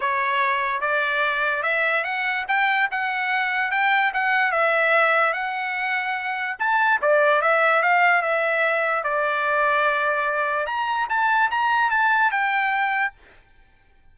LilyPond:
\new Staff \with { instrumentName = "trumpet" } { \time 4/4 \tempo 4 = 146 cis''2 d''2 | e''4 fis''4 g''4 fis''4~ | fis''4 g''4 fis''4 e''4~ | e''4 fis''2. |
a''4 d''4 e''4 f''4 | e''2 d''2~ | d''2 ais''4 a''4 | ais''4 a''4 g''2 | }